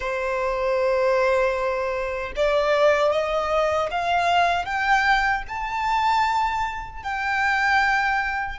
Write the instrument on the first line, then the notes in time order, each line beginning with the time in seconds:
violin
0.00 C5
2.36 D5
3.11 D#5
3.91 F5
4.65 G5
5.48 A5
7.03 G5